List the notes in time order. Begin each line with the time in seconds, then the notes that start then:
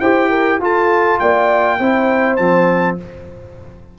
0.00 E4 G4 C5 G5
0.30 A#4
0.60 F4 A4 A5
1.19 A#3 D5 G5
1.78 C4 E4 C5
2.36 F3 C4 A5